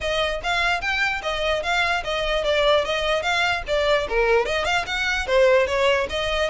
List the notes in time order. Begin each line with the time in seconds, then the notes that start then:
0.00 D#5
0.43 F5
0.81 G5
1.22 D#5
1.62 F5
2.03 D#5
2.44 D5
2.84 D#5
3.22 F5
3.67 D5
4.08 A#4
4.45 D#5
4.64 F5
4.86 F#5
5.26 C5
5.66 C#5
6.09 D#5